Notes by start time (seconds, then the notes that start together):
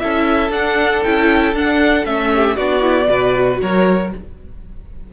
0.00 C#4 E4 A4 E5
0.50 D4 F#5
1.03 C#4 E4 G5
1.53 D4 F#5
2.06 A3 C#4 E5
2.35 G4
2.56 B3 D4 F#4 D5
2.80 E4
3.06 B2 F#4 B4
3.62 F#3 A#4 C#5